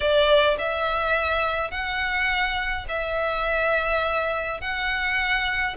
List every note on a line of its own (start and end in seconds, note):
0.00 0.57 D5
0.58 1.70 E5
1.70 2.86 F#5
2.88 4.60 E5
4.60 5.76 F#5